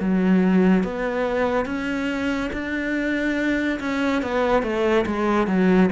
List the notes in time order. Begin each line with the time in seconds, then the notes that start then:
0.00 F#3
0.83 B3
1.66 C#4
2.52 D4
3.80 C#4
4.22 B3
4.62 A3
5.06 G#3
5.47 F#3